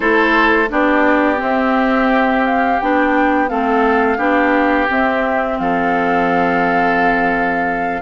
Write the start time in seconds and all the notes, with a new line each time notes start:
0.00 A3 E4 A4 C5
0.69 B3 D4 G4 D5
1.36 C4 E5
2.44 F5
2.79 B3 D4 G5
3.48 A3 C4 A4 F5
4.17 B3 D4 G4
4.88 C4 E5
5.58 F3 A4 F5